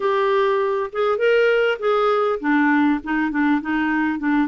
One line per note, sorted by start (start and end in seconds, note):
0.00 0.90 G4
0.92 1.18 G#4
1.18 1.78 A#4
1.79 2.39 G#4
2.40 3.00 D4
3.03 3.31 D#4
3.31 3.61 D4
3.61 4.18 D#4
4.18 4.47 D4